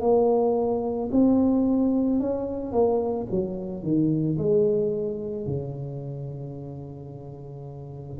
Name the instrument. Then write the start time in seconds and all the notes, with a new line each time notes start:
tuba
0.00 A#3
1.11 C4
2.20 C#4
2.72 A#3
3.30 F#3
3.83 D#3
4.38 G#3
5.46 C#3